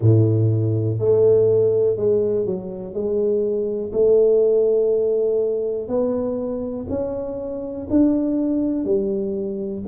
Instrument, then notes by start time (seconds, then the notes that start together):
tuba
0.00 A2
0.98 A3
1.96 G#3
2.45 F#3
2.93 G#3
3.92 A3
5.87 B3
6.89 C#4
7.90 D4
8.84 G3